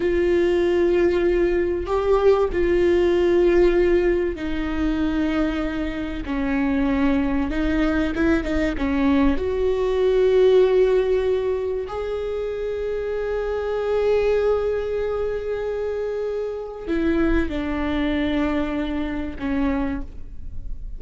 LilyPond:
\new Staff \with { instrumentName = "viola" } { \time 4/4 \tempo 4 = 96 f'2. g'4 | f'2. dis'4~ | dis'2 cis'2 | dis'4 e'8 dis'8 cis'4 fis'4~ |
fis'2. gis'4~ | gis'1~ | gis'2. e'4 | d'2. cis'4 | }